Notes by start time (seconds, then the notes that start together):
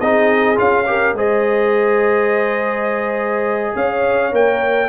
0.00 C4 D#4 G#4 D#5
0.56 C#4 F4 F5
0.86 G4 A#4
1.13 G#3 G#4 C5 D#5
3.75 C#4 C#5 F5
4.32 A#3 A#4 G5